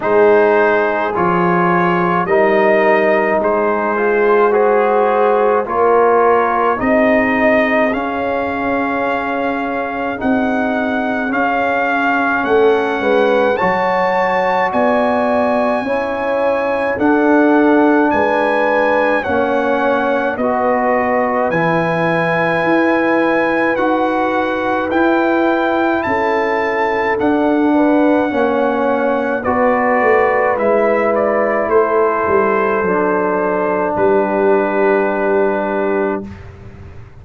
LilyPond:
<<
  \new Staff \with { instrumentName = "trumpet" } { \time 4/4 \tempo 4 = 53 c''4 cis''4 dis''4 c''4 | gis'4 cis''4 dis''4 f''4~ | f''4 fis''4 f''4 fis''4 | a''4 gis''2 fis''4 |
gis''4 fis''4 dis''4 gis''4~ | gis''4 fis''4 g''4 a''4 | fis''2 d''4 e''8 d''8 | c''2 b'2 | }
  \new Staff \with { instrumentName = "horn" } { \time 4/4 gis'2 ais'4 gis'4 | c''4 ais'4 gis'2~ | gis'2. a'8 b'8 | cis''4 d''4 cis''4 a'4 |
b'4 cis''4 b'2~ | b'2. a'4~ | a'8 b'8 cis''4 b'2 | a'2 g'2 | }
  \new Staff \with { instrumentName = "trombone" } { \time 4/4 dis'4 f'4 dis'4. f'8 | fis'4 f'4 dis'4 cis'4~ | cis'4 dis'4 cis'2 | fis'2 e'4 d'4~ |
d'4 cis'4 fis'4 e'4~ | e'4 fis'4 e'2 | d'4 cis'4 fis'4 e'4~ | e'4 d'2. | }
  \new Staff \with { instrumentName = "tuba" } { \time 4/4 gis4 f4 g4 gis4~ | gis4 ais4 c'4 cis'4~ | cis'4 c'4 cis'4 a8 gis8 | fis4 b4 cis'4 d'4 |
gis4 ais4 b4 e4 | e'4 dis'4 e'4 cis'4 | d'4 ais4 b8 a8 gis4 | a8 g8 fis4 g2 | }
>>